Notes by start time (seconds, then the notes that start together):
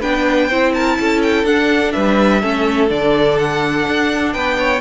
0.00 B3 D4 B4 G5
0.48 C4 E4 C5
0.73 A#4 A5
0.98 C#4 A4
1.22 G5
1.43 D4 F#5
1.92 G3 B4 E5
2.41 A3 C#4 A4
2.87 D3 D4 D5
3.38 F#5
3.87 D4
4.33 B3 B4 G5
4.58 C#5